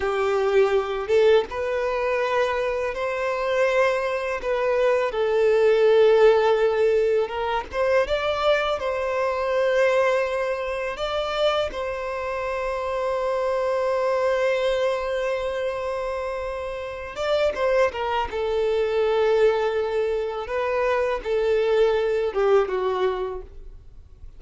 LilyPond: \new Staff \with { instrumentName = "violin" } { \time 4/4 \tempo 4 = 82 g'4. a'8 b'2 | c''2 b'4 a'4~ | a'2 ais'8 c''8 d''4 | c''2. d''4 |
c''1~ | c''2.~ c''8 d''8 | c''8 ais'8 a'2. | b'4 a'4. g'8 fis'4 | }